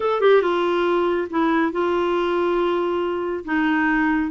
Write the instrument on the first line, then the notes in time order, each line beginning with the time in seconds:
clarinet
0.00 A4
0.20 G4
0.41 F4
1.30 E4
1.71 F4
3.44 D#4